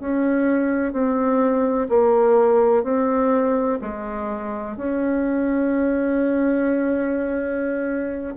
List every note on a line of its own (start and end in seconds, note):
0.00 0.93 C#4
0.93 1.88 C4
1.89 2.84 A#3
2.84 3.79 C4
3.81 4.77 G#3
4.77 8.34 C#4